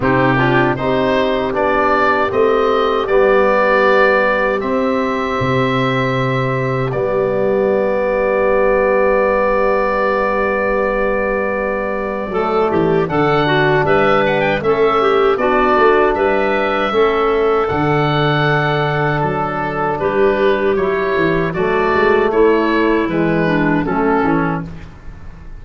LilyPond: <<
  \new Staff \with { instrumentName = "oboe" } { \time 4/4 \tempo 4 = 78 g'4 c''4 d''4 dis''4 | d''2 e''2~ | e''4 d''2.~ | d''1~ |
d''4 fis''4 e''8 fis''16 g''16 e''4 | d''4 e''2 fis''4~ | fis''4 a'4 b'4 cis''4 | d''4 cis''4 b'4 a'4 | }
  \new Staff \with { instrumentName = "clarinet" } { \time 4/4 dis'8 f'8 g'2.~ | g'1~ | g'1~ | g'1 |
a'8 g'8 a'8 fis'8 b'4 a'8 g'8 | fis'4 b'4 a'2~ | a'2 g'2 | fis'4 e'4. d'8 cis'4 | }
  \new Staff \with { instrumentName = "trombone" } { \time 4/4 c'8 d'8 dis'4 d'4 c'4 | b2 c'2~ | c'4 b2.~ | b1 |
a4 d'2 cis'4 | d'2 cis'4 d'4~ | d'2. e'4 | a2 gis4 a8 cis'8 | }
  \new Staff \with { instrumentName = "tuba" } { \time 4/4 c4 c'4 b4 a4 | g2 c'4 c4~ | c4 g2.~ | g1 |
fis8 e8 d4 g4 a4 | b8 a8 g4 a4 d4~ | d4 fis4 g4 fis8 e8 | fis8 gis8 a4 e4 fis8 e8 | }
>>